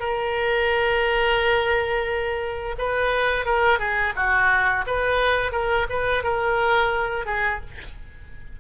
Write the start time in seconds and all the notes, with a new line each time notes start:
0.00 A#4
2.78 B4
3.45 A#4
3.79 G#4
4.16 F#4
4.87 B4
5.52 A#4
5.90 B4
6.24 A#4
7.26 G#4